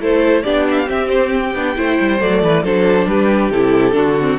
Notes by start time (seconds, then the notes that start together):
0.00 A3 E4 A4 C5
0.43 B3 D4 G4 D5
0.71 E5
0.78 F5
0.86 C4 E5
1.09 C5
1.33 G5
1.54 B3 D4
1.75 A3 E4 C5
2.00 G3
2.20 F#3 A3 D5
2.42 E3 B4
2.63 F#3 D4 A4 C5
3.06 G3 G4 B4
3.50 C3 E4 A4
3.93 D3 D4 F#4
4.21 C4